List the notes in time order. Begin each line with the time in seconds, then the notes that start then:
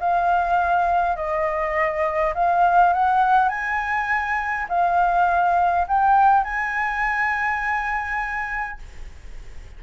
0.00 F5
1.16 D#5
2.34 F5
2.93 F#5
3.49 G#5
4.69 F5
5.88 G5
6.44 G#5